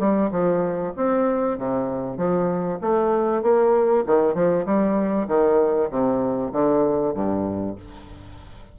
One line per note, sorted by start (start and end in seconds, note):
0.00 0.31 G3
0.32 0.94 F3
0.97 1.59 C4
1.59 2.18 C3
2.18 2.79 F3
2.82 3.43 A3
3.43 4.05 A#3
4.07 4.35 D#3
4.35 4.66 F3
4.66 5.28 G3
5.28 5.90 D#3
5.91 6.53 C3
6.53 7.14 D3
7.14 7.76 G2